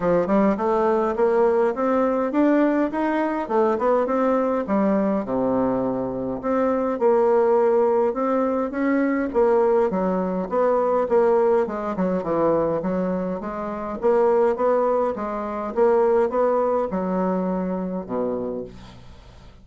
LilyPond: \new Staff \with { instrumentName = "bassoon" } { \time 4/4 \tempo 4 = 103 f8 g8 a4 ais4 c'4 | d'4 dis'4 a8 b8 c'4 | g4 c2 c'4 | ais2 c'4 cis'4 |
ais4 fis4 b4 ais4 | gis8 fis8 e4 fis4 gis4 | ais4 b4 gis4 ais4 | b4 fis2 b,4 | }